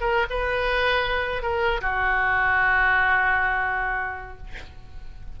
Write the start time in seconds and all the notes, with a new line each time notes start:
0.00 A#4
0.29 B4
1.42 A#4
1.81 F#4